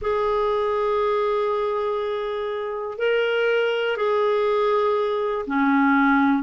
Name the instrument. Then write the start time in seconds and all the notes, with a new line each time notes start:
clarinet
0.01 G#4
2.98 A#4
3.97 G#4
5.46 C#4